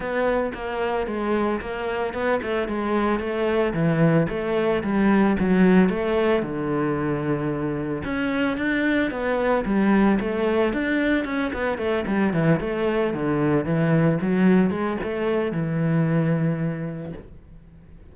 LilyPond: \new Staff \with { instrumentName = "cello" } { \time 4/4 \tempo 4 = 112 b4 ais4 gis4 ais4 | b8 a8 gis4 a4 e4 | a4 g4 fis4 a4 | d2. cis'4 |
d'4 b4 g4 a4 | d'4 cis'8 b8 a8 g8 e8 a8~ | a8 d4 e4 fis4 gis8 | a4 e2. | }